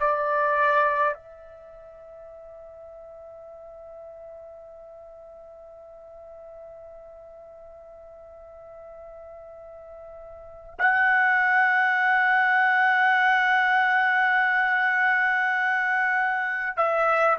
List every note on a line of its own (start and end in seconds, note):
0.00 1.14 D5
1.14 10.74 E5
10.78 16.77 F#5
16.77 17.37 E5